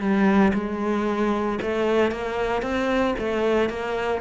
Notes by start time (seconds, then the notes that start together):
0.00 G3
0.54 G#3
1.62 A3
2.12 A#3
2.63 C4
3.19 A3
3.70 A#3